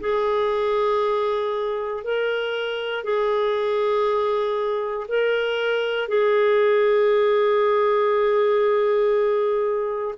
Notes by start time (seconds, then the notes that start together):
0.00 G#4
2.03 A#4
3.03 G#4
5.08 A#4
6.08 G#4